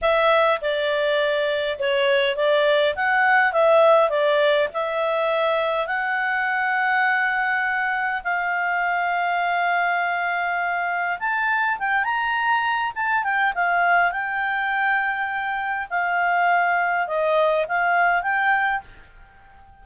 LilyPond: \new Staff \with { instrumentName = "clarinet" } { \time 4/4 \tempo 4 = 102 e''4 d''2 cis''4 | d''4 fis''4 e''4 d''4 | e''2 fis''2~ | fis''2 f''2~ |
f''2. a''4 | g''8 ais''4. a''8 g''8 f''4 | g''2. f''4~ | f''4 dis''4 f''4 g''4 | }